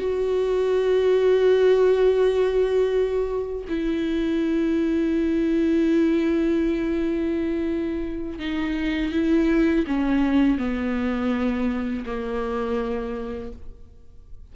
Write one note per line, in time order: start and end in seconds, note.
0.00 3.66 F#4
3.69 8.39 E4
8.39 9.13 D#4
9.13 9.86 E4
9.87 10.59 C#4
10.59 12.05 B3
12.06 13.53 A#3